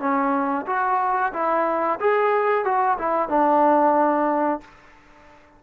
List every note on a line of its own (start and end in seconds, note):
0.00 0.66 C#4
0.67 1.33 F#4
1.33 1.99 E4
2.00 2.65 G#4
2.65 2.98 F#4
2.99 3.29 E4
3.29 4.61 D4